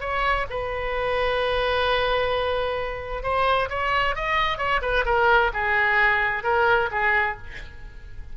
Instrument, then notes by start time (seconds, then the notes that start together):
oboe
0.00 C#5
0.50 B4
3.23 C5
3.70 C#5
4.16 D#5
4.58 C#5
4.82 B4
5.06 A#4
5.54 G#4
6.44 A#4
6.91 G#4